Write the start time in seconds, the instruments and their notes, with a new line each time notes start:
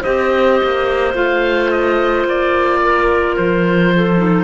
0.00 cello C4, clarinet G4 C5, oboe D#5
0.63 cello A#3
1.14 cello A3, clarinet F4, oboe F5
1.71 oboe D#5
2.25 cello A#3, oboe D5
2.83 clarinet A#4
3.36 cello F3, oboe C5
3.95 clarinet A4
4.17 clarinet D#4